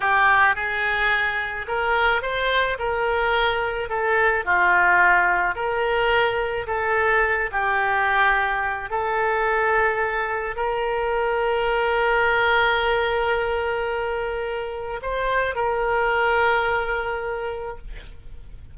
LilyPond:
\new Staff \with { instrumentName = "oboe" } { \time 4/4 \tempo 4 = 108 g'4 gis'2 ais'4 | c''4 ais'2 a'4 | f'2 ais'2 | a'4. g'2~ g'8 |
a'2. ais'4~ | ais'1~ | ais'2. c''4 | ais'1 | }